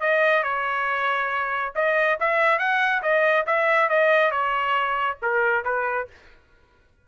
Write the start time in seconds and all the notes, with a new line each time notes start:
0.00 D#5
0.43 C#5
1.75 D#5
2.20 E5
2.59 F#5
3.02 D#5
3.46 E5
3.89 D#5
4.31 C#5
5.22 A#4
5.64 B4